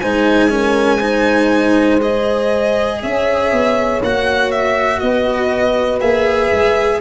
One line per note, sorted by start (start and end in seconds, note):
0.00 3.03 G#3
0.00 0.49 D#4
0.00 0.51 C5
0.00 2.00 G#5
0.49 0.99 C#4
0.49 0.99 A#4
0.99 2.00 D#4
0.99 2.99 C5
2.01 4.01 G#4
2.01 3.02 D#5
3.02 3.52 C#4
3.02 5.02 C#5
3.02 4.02 E5
3.52 4.02 B3
4.02 5.02 A#3
4.02 6.01 F#4
4.02 4.51 F#5
4.51 4.99 E5
4.99 6.01 B3
4.99 7.01 B4
4.99 5.99 D#5
6.01 6.51 A#3
6.01 7.01 G#4
6.01 7.01 E5
6.53 7.01 G#3